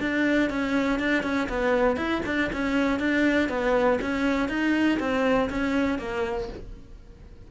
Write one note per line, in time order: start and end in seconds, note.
0.00 0.50 D4
0.50 0.99 C#4
0.99 1.23 D4
1.23 1.48 C#4
1.49 1.96 B3
1.96 2.21 E4
2.25 2.50 D4
2.52 2.99 C#4
2.99 3.49 D4
3.49 3.99 B3
4.01 4.48 C#4
4.48 4.98 D#4
4.99 5.49 C4
5.49 5.98 C#4
5.98 6.48 A#3